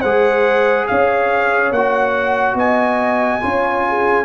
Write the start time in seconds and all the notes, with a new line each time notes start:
0.00 G#3 G#4 C5 F#5
0.88 C#4 C#5 F5
1.72 A#3 F#4 F#5
2.55 B3 D#5 G#5
3.42 C#4 F4 C#5
3.89 G#4